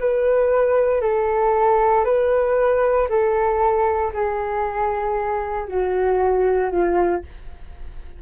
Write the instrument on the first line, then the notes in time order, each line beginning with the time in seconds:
flute
0.00 B4
1.01 A4
2.05 B4
3.09 A4
4.13 G#4
5.68 F#4
6.71 F4